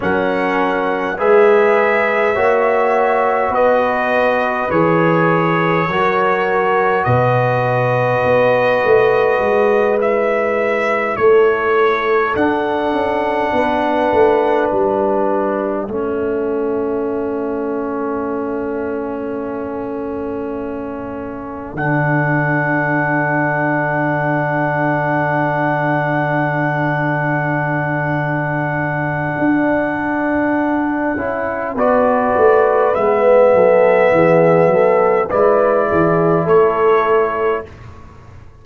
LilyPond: <<
  \new Staff \with { instrumentName = "trumpet" } { \time 4/4 \tempo 4 = 51 fis''4 e''2 dis''4 | cis''2 dis''2~ | dis''8 e''4 cis''4 fis''4.~ | fis''8 e''2.~ e''8~ |
e''2~ e''8 fis''4.~ | fis''1~ | fis''2. d''4 | e''2 d''4 cis''4 | }
  \new Staff \with { instrumentName = "horn" } { \time 4/4 ais'4 b'4 cis''4 b'4~ | b'4 ais'4 b'2~ | b'4. a'2 b'8~ | b'4. a'2~ a'8~ |
a'1~ | a'1~ | a'2. b'4~ | b'8 a'8 gis'8 a'8 b'8 gis'8 a'4 | }
  \new Staff \with { instrumentName = "trombone" } { \time 4/4 cis'4 gis'4 fis'2 | gis'4 fis'2.~ | fis'8 e'2 d'4.~ | d'4. cis'2~ cis'8~ |
cis'2~ cis'8 d'4.~ | d'1~ | d'2~ d'8 e'8 fis'4 | b2 e'2 | }
  \new Staff \with { instrumentName = "tuba" } { \time 4/4 fis4 gis4 ais4 b4 | e4 fis4 b,4 b8 a8 | gis4. a4 d'8 cis'8 b8 | a8 g4 a2~ a8~ |
a2~ a8 d4.~ | d1~ | d4 d'4. cis'8 b8 a8 | gis8 fis8 e8 fis8 gis8 e8 a4 | }
>>